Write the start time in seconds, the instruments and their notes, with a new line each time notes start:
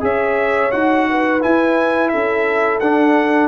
0.00 tuba C#4, trombone G#4, horn C#5, trumpet E5
0.71 tuba D#4, trombone F#4, trumpet F#5
1.09 horn B4
1.41 trombone E4, tuba E4, trumpet G#5
2.08 tuba C#4, horn A4, trumpet E5
2.80 tuba D4, trombone D4, trumpet F#5